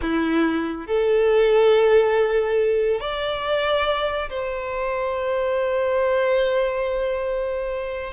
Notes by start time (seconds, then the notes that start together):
0.01 E4
0.86 A4
3.00 D5
4.29 C5